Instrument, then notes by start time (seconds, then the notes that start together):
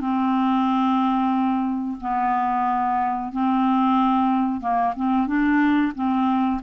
clarinet
0.00 C4
2.00 B3
3.32 C4
4.60 A#3
4.96 C4
5.27 D4
5.95 C4